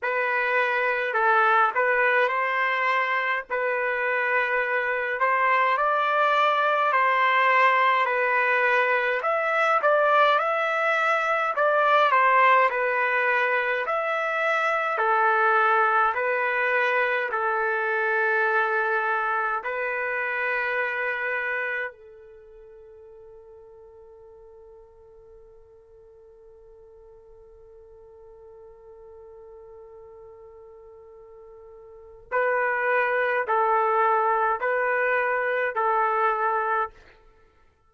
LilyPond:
\new Staff \with { instrumentName = "trumpet" } { \time 4/4 \tempo 4 = 52 b'4 a'8 b'8 c''4 b'4~ | b'8 c''8 d''4 c''4 b'4 | e''8 d''8 e''4 d''8 c''8 b'4 | e''4 a'4 b'4 a'4~ |
a'4 b'2 a'4~ | a'1~ | a'1 | b'4 a'4 b'4 a'4 | }